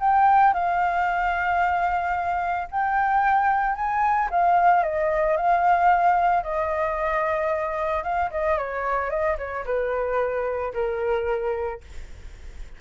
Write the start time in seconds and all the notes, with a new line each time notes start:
0.00 G5
0.54 F5
2.71 G5
3.75 G#5
4.30 F5
4.83 D#5
5.36 F5
6.43 D#5
8.03 F5
8.31 D#5
8.57 C#5
9.10 D#5
9.38 C#5
9.66 B4
10.74 A#4